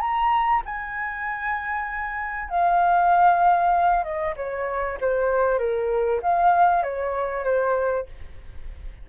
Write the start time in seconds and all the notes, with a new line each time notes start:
0.00 A#5
0.65 G#5
2.49 F5
4.03 D#5
4.36 C#5
5.00 C5
5.58 A#4
6.22 F5
6.82 C#5
7.44 C5